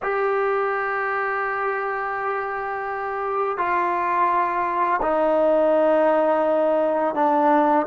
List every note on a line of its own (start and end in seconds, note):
0.02 3.57 G4
3.57 5.00 F4
5.02 7.15 D#4
7.15 7.86 D4